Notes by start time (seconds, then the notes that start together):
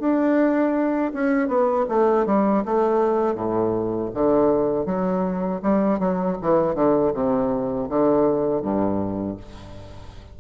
0.00 D4
1.14 C#4
1.49 B3
1.89 A3
2.26 G3
2.66 A3
3.35 A2
4.14 D3
4.86 F#3
5.63 G3
6.00 F#3
6.42 E3
6.75 D3
7.14 C3
7.90 D3
8.62 G2